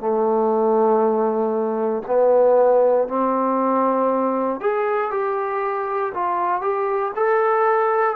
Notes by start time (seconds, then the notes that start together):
0.00 A3
2.07 B3
3.08 C4
4.60 G#4
5.11 G4
6.14 F4
6.61 G4
7.16 A4